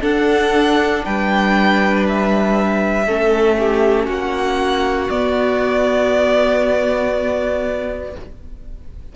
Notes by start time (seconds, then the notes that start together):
0.00 D4 A4 F#5
1.04 G3 B4 G5
2.08 E5
3.06 A3 C#4 A4
3.59 G4
4.05 A#3 F#4 F#5
5.10 B3 D5